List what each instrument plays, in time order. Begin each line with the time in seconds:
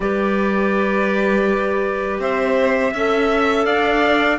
0.00 cello G3, clarinet G4, violin B4, trumpet D5
2.19 cello C4, violin C5, trumpet E5
2.93 cello C#4, clarinet A4, violin E5
3.65 cello D4, violin D5, trumpet F5